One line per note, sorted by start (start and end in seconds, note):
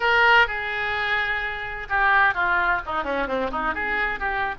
0.00 0.47 A#4
0.47 1.87 G#4
1.89 2.34 G4
2.34 2.81 F4
2.86 3.03 D#4
3.03 3.27 C#4
3.27 3.50 C4
3.51 3.74 D#4
3.74 4.19 G#4
4.19 4.54 G4